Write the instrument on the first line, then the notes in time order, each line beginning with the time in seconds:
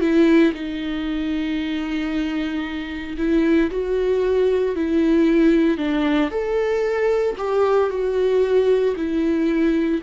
viola
0.00 E4
0.54 D#4
3.18 E4
3.70 F#4
4.75 E4
5.78 D4
6.31 A4
7.38 G4
7.90 F#4
8.96 E4